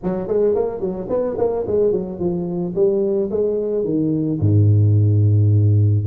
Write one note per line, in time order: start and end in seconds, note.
0.03 0.27 F#3
0.27 0.55 G#3
0.55 0.80 A#3
0.80 1.07 F#3
1.09 1.36 B3
1.38 1.65 A#3
1.67 1.92 G#3
1.92 2.19 F#3
2.19 2.74 F3
2.75 3.30 G3
3.31 3.84 G#3
3.84 4.39 D#3
4.40 6.05 G#2